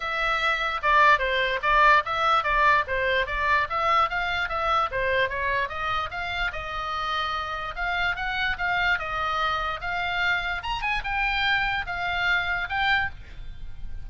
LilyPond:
\new Staff \with { instrumentName = "oboe" } { \time 4/4 \tempo 4 = 147 e''2 d''4 c''4 | d''4 e''4 d''4 c''4 | d''4 e''4 f''4 e''4 | c''4 cis''4 dis''4 f''4 |
dis''2. f''4 | fis''4 f''4 dis''2 | f''2 ais''8 gis''8 g''4~ | g''4 f''2 g''4 | }